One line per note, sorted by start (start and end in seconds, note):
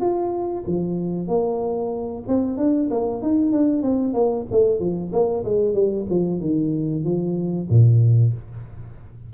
0.00 0.64 F4
0.67 1.27 F3
1.27 2.23 A#3
2.27 2.57 C4
2.57 2.89 D4
2.90 3.22 A#3
3.22 3.52 D#4
3.52 3.82 D4
3.82 4.13 C4
4.13 4.45 A#3
4.51 4.79 A3
4.79 5.11 F3
5.12 5.44 A#3
5.44 5.74 G#3
5.74 6.06 G3
6.09 6.40 F3
6.40 7.04 D#3
7.04 7.68 F3
7.69 8.33 A#2